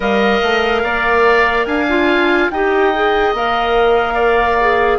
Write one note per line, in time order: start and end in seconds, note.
0.00 0.40 G3
0.00 1.87 A#4
0.00 0.82 D#5
0.00 1.65 F5
0.42 0.83 A3
0.83 1.65 A#3
0.83 1.66 D5
1.65 2.49 D4
1.65 2.51 F5
1.65 2.48 G#5
1.89 2.51 F4
2.50 3.33 D#4
2.50 2.94 G4
2.50 4.14 D#5
2.50 3.34 G5
2.94 3.34 G#4
3.33 4.99 A#3
3.33 4.59 A#4
3.33 4.99 F5
4.14 4.97 D5
4.60 4.99 G#4